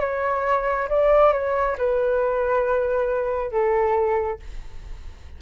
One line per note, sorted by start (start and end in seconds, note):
0.00 0.88 C#5
0.89 1.32 D5
1.32 1.76 C#5
1.78 3.51 B4
3.51 4.39 A4